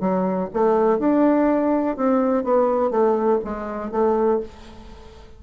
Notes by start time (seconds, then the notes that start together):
0.00 F#3
0.53 A3
0.99 D4
1.97 C4
2.44 B3
2.91 A3
3.44 G#3
3.91 A3